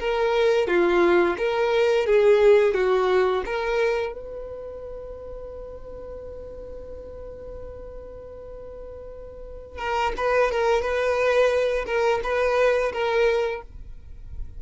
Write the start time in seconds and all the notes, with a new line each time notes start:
0.00 A#4
0.68 F4
1.38 A#4
2.07 G#4
2.75 F#4
3.46 A#4
4.13 B4
9.79 A#4
10.18 B4
10.52 A#4
10.82 B4
11.87 A#4
12.24 B4
12.93 A#4